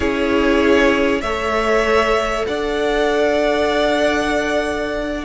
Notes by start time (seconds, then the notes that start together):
0.00 C#4 E4 G#4 C#5
1.21 A3 A4 C#5 E5
2.47 D4 D5 F#5